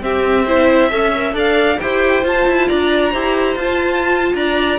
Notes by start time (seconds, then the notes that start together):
0.00 C4 G4 E5
0.45 E4 C5
0.88 C#4 A4 E5
1.15 A#4
1.33 D4 A4 D5 F5
1.80 E4 G4 C5 G5
2.23 F4 A5
2.48 E4
2.68 D4 D5 A#5
3.11 E4 G4 C5
3.55 F4 A5
4.34 D4 D5 A#5